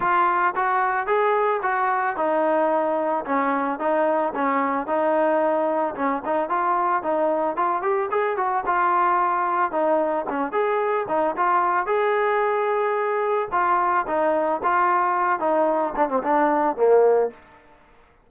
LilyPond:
\new Staff \with { instrumentName = "trombone" } { \time 4/4 \tempo 4 = 111 f'4 fis'4 gis'4 fis'4 | dis'2 cis'4 dis'4 | cis'4 dis'2 cis'8 dis'8 | f'4 dis'4 f'8 g'8 gis'8 fis'8 |
f'2 dis'4 cis'8 gis'8~ | gis'8 dis'8 f'4 gis'2~ | gis'4 f'4 dis'4 f'4~ | f'8 dis'4 d'16 c'16 d'4 ais4 | }